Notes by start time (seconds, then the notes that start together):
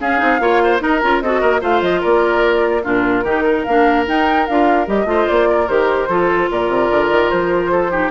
0.00 C#4 G#4 F5
0.19 C4 D#4
0.40 A#3 F4 C#5
0.64 C5
0.80 D#4 A#4 D#5
1.00 C#4 F4 A#5
1.22 C4 F#4 A4 D#5
1.41 A#3 A#4
1.61 A3 F4 C5 F5
1.82 F3 D#5
2.01 A#3 A#4 D5
2.83 A#2 D4 F4 A#4
3.24 D#3 D#4 G4
3.44 A#4
3.63 A#3 D4 F5
4.07 D#4 G5
4.47 D4 F4 F5
4.87 G3 G4 D#5
5.05 A3 F4 C5
5.28 A#3 D5
5.49 A#4
5.68 D#3 G4 C5
6.08 F3 F4 A4
6.51 A#2 A#4 D5
6.69 C3
6.91 D3
7.11 D#3
7.30 F3 C5
7.72 A4
7.91 D#4 G4